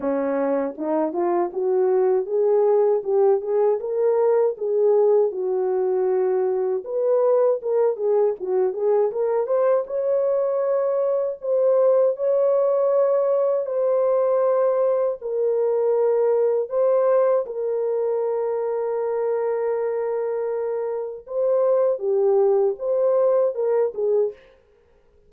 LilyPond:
\new Staff \with { instrumentName = "horn" } { \time 4/4 \tempo 4 = 79 cis'4 dis'8 f'8 fis'4 gis'4 | g'8 gis'8 ais'4 gis'4 fis'4~ | fis'4 b'4 ais'8 gis'8 fis'8 gis'8 | ais'8 c''8 cis''2 c''4 |
cis''2 c''2 | ais'2 c''4 ais'4~ | ais'1 | c''4 g'4 c''4 ais'8 gis'8 | }